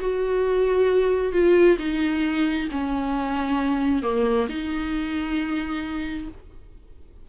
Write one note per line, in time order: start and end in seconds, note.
0.00 1.32 F#4
1.32 1.77 F4
1.79 2.68 D#4
2.71 4.02 C#4
4.02 4.47 A#3
4.49 6.28 D#4